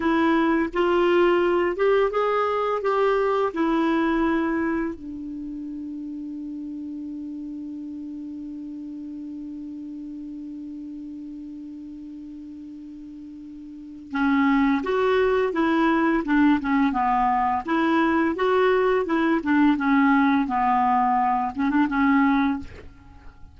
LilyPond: \new Staff \with { instrumentName = "clarinet" } { \time 4/4 \tempo 4 = 85 e'4 f'4. g'8 gis'4 | g'4 e'2 d'4~ | d'1~ | d'1~ |
d'1 | cis'4 fis'4 e'4 d'8 cis'8 | b4 e'4 fis'4 e'8 d'8 | cis'4 b4. cis'16 d'16 cis'4 | }